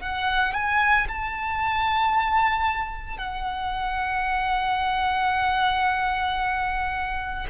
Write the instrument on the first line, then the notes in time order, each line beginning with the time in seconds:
violin
0.00 F#5
0.54 G#5
1.08 A5
3.18 F#5